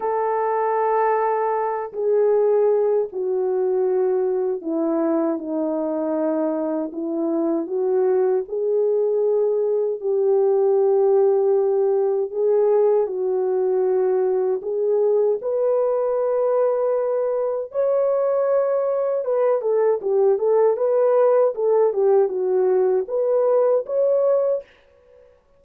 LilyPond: \new Staff \with { instrumentName = "horn" } { \time 4/4 \tempo 4 = 78 a'2~ a'8 gis'4. | fis'2 e'4 dis'4~ | dis'4 e'4 fis'4 gis'4~ | gis'4 g'2. |
gis'4 fis'2 gis'4 | b'2. cis''4~ | cis''4 b'8 a'8 g'8 a'8 b'4 | a'8 g'8 fis'4 b'4 cis''4 | }